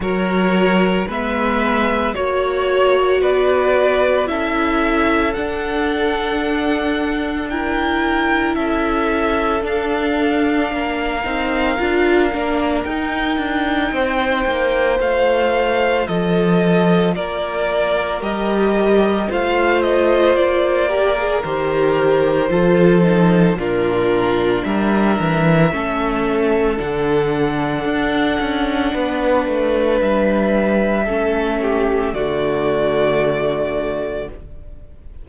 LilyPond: <<
  \new Staff \with { instrumentName = "violin" } { \time 4/4 \tempo 4 = 56 cis''4 e''4 cis''4 d''4 | e''4 fis''2 g''4 | e''4 f''2. | g''2 f''4 dis''4 |
d''4 dis''4 f''8 dis''8 d''4 | c''2 ais'4 e''4~ | e''4 fis''2. | e''2 d''2 | }
  \new Staff \with { instrumentName = "violin" } { \time 4/4 ais'4 b'4 cis''4 b'4 | a'2. ais'4 | a'2 ais'2~ | ais'4 c''2 a'4 |
ais'2 c''4. ais'8~ | ais'4 a'4 f'4 ais'4 | a'2. b'4~ | b'4 a'8 g'8 fis'2 | }
  \new Staff \with { instrumentName = "viola" } { \time 4/4 fis'4 b4 fis'2 | e'4 d'2 e'4~ | e'4 d'4. dis'8 f'8 d'8 | dis'2 f'2~ |
f'4 g'4 f'4. g'16 gis'16 | g'4 f'8 dis'8 d'2 | cis'4 d'2.~ | d'4 cis'4 a2 | }
  \new Staff \with { instrumentName = "cello" } { \time 4/4 fis4 gis4 ais4 b4 | cis'4 d'2. | cis'4 d'4 ais8 c'8 d'8 ais8 | dis'8 d'8 c'8 ais8 a4 f4 |
ais4 g4 a4 ais4 | dis4 f4 ais,4 g8 e8 | a4 d4 d'8 cis'8 b8 a8 | g4 a4 d2 | }
>>